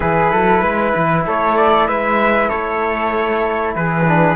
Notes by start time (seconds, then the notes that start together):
0.00 E3 E4 G#4 B4
0.31 F#3 A4
0.61 G#3 B4
0.95 E3
1.26 A3 A4 C#5
1.57 D5
1.87 G#3 B4 E5
2.48 A3 A4 C#5
3.75 E3 G#4 B4
4.07 D4